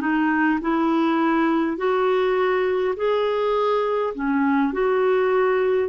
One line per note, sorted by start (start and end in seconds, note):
0.00 0.59 D#4
0.60 1.77 E4
1.77 2.95 F#4
2.96 4.13 G#4
4.14 4.72 C#4
4.72 5.89 F#4